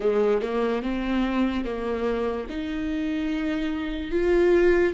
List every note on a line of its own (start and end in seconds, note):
0.00 0.41 G#3
0.41 0.82 A#3
0.82 1.64 C4
1.64 2.47 A#3
2.49 4.11 D#4
4.11 4.93 F4